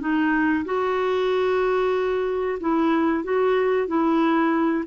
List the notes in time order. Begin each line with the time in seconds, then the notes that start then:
0.00 D#4
0.65 F#4
2.60 E4
3.23 F#4
3.87 E4